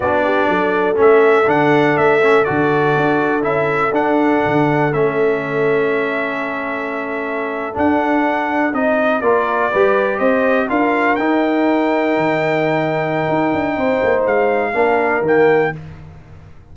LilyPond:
<<
  \new Staff \with { instrumentName = "trumpet" } { \time 4/4 \tempo 4 = 122 d''2 e''4 fis''4 | e''4 d''2 e''4 | fis''2 e''2~ | e''2.~ e''8. fis''16~ |
fis''4.~ fis''16 dis''4 d''4~ d''16~ | d''8. dis''4 f''4 g''4~ g''16~ | g''1~ | g''4 f''2 g''4 | }
  \new Staff \with { instrumentName = "horn" } { \time 4/4 fis'8 g'8 a'2.~ | a'1~ | a'1~ | a'1~ |
a'2~ a'8. ais'4 b'16~ | b'8. c''4 ais'2~ ais'16~ | ais'1 | c''2 ais'2 | }
  \new Staff \with { instrumentName = "trombone" } { \time 4/4 d'2 cis'4 d'4~ | d'8 cis'8 fis'2 e'4 | d'2 cis'2~ | cis'2.~ cis'8. d'16~ |
d'4.~ d'16 dis'4 f'4 g'16~ | g'4.~ g'16 f'4 dis'4~ dis'16~ | dis'1~ | dis'2 d'4 ais4 | }
  \new Staff \with { instrumentName = "tuba" } { \time 4/4 b4 fis4 a4 d4 | a4 d4 d'4 cis'4 | d'4 d4 a2~ | a2.~ a8. d'16~ |
d'4.~ d'16 c'4 ais4 g16~ | g8. c'4 d'4 dis'4~ dis'16~ | dis'8. dis2~ dis16 dis'8 d'8 | c'8 ais8 gis4 ais4 dis4 | }
>>